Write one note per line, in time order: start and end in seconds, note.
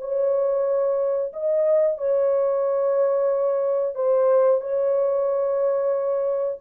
0.00 1.32 C#5
1.32 1.98 D#5
1.98 3.94 C#5
3.94 4.60 C5
4.61 6.58 C#5